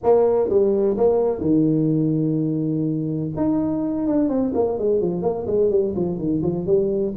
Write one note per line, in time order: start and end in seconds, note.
0.03 0.49 A#3
0.49 0.96 G3
0.97 1.40 A#3
1.40 3.31 D#3
3.36 4.07 D#4
4.07 4.29 D4
4.29 4.52 C4
4.54 4.78 A#3
4.78 5.00 G#3
5.00 5.22 F3
5.22 5.45 A#3
5.47 5.70 G#3
5.70 5.94 G3
5.95 6.18 F3
6.18 6.42 D#3
6.42 6.66 F3
6.66 7.14 G3